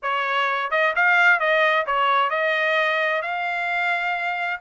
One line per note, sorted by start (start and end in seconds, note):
0.02 0.70 C#5
0.70 0.93 D#5
0.95 1.39 F5
1.39 1.85 D#5
1.86 2.30 C#5
2.30 3.22 D#5
3.22 4.60 F5